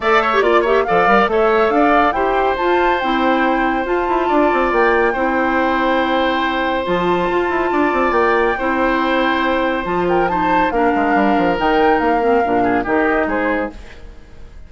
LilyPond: <<
  \new Staff \with { instrumentName = "flute" } { \time 4/4 \tempo 4 = 140 e''4 d''8 e''8 f''4 e''4 | f''4 g''4 a''4 g''4~ | g''4 a''2 g''4~ | g''1 |
a''2. g''4~ | g''2. a''8 g''8 | a''4 f''2 g''4 | f''2 dis''4 c''4 | }
  \new Staff \with { instrumentName = "oboe" } { \time 4/4 d''8 cis''8 d''8 cis''8 d''4 cis''4 | d''4 c''2.~ | c''2 d''2 | c''1~ |
c''2 d''2 | c''2.~ c''8 ais'8 | c''4 ais'2.~ | ais'4. gis'8 g'4 gis'4 | }
  \new Staff \with { instrumentName = "clarinet" } { \time 4/4 a'8. g'16 f'8 g'8 a'8 ais'8 a'4~ | a'4 g'4 f'4 e'4~ | e'4 f'2. | e'1 |
f'1 | e'2. f'4 | dis'4 d'2 dis'4~ | dis'8 c'8 d'4 dis'2 | }
  \new Staff \with { instrumentName = "bassoon" } { \time 4/4 a4 ais4 f8 g8 a4 | d'4 e'4 f'4 c'4~ | c'4 f'8 e'8 d'8 c'8 ais4 | c'1 |
f4 f'8 e'8 d'8 c'8 ais4 | c'2. f4~ | f4 ais8 gis8 g8 f8 dis4 | ais4 ais,4 dis4 gis4 | }
>>